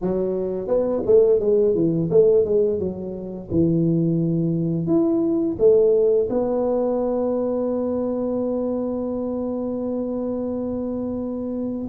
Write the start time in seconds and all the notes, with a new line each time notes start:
0.01 F#3
0.67 B3
1.06 A3
1.40 G#3
1.74 E3
2.10 A3
2.44 G#3
2.79 F#3
3.51 E3
4.86 E4
5.58 A3
6.29 B3